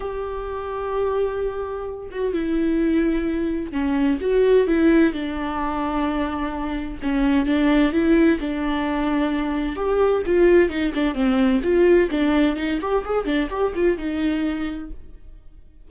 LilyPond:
\new Staff \with { instrumentName = "viola" } { \time 4/4 \tempo 4 = 129 g'1~ | g'8 fis'8 e'2. | cis'4 fis'4 e'4 d'4~ | d'2. cis'4 |
d'4 e'4 d'2~ | d'4 g'4 f'4 dis'8 d'8 | c'4 f'4 d'4 dis'8 g'8 | gis'8 d'8 g'8 f'8 dis'2 | }